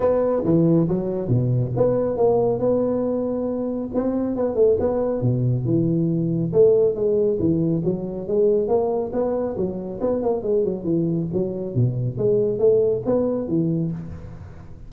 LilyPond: \new Staff \with { instrumentName = "tuba" } { \time 4/4 \tempo 4 = 138 b4 e4 fis4 b,4 | b4 ais4 b2~ | b4 c'4 b8 a8 b4 | b,4 e2 a4 |
gis4 e4 fis4 gis4 | ais4 b4 fis4 b8 ais8 | gis8 fis8 e4 fis4 b,4 | gis4 a4 b4 e4 | }